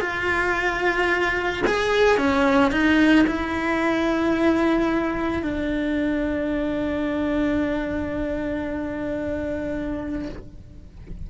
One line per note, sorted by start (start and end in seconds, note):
0.00 1.62 F4
1.66 2.17 G#4
2.17 2.71 C#4
2.71 3.25 D#4
3.27 5.42 E4
5.42 10.29 D4